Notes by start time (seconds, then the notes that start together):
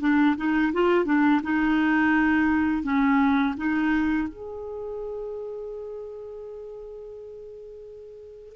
0.00 D4
0.37 D#4
0.73 F4
1.05 D4
1.43 D#4
2.83 C#4
3.57 D#4
4.28 G#4